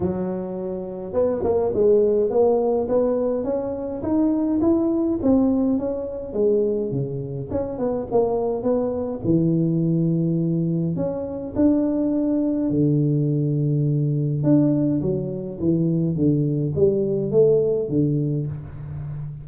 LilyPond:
\new Staff \with { instrumentName = "tuba" } { \time 4/4 \tempo 4 = 104 fis2 b8 ais8 gis4 | ais4 b4 cis'4 dis'4 | e'4 c'4 cis'4 gis4 | cis4 cis'8 b8 ais4 b4 |
e2. cis'4 | d'2 d2~ | d4 d'4 fis4 e4 | d4 g4 a4 d4 | }